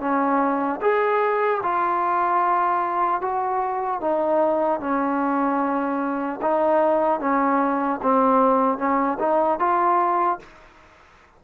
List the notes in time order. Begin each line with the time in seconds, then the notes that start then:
0.00 C#4
0.81 G#4
1.63 F4
3.21 F#4
4.01 D#4
4.80 C#4
6.41 D#4
7.20 C#4
8.03 C4
8.78 C#4
9.19 D#4
9.59 F4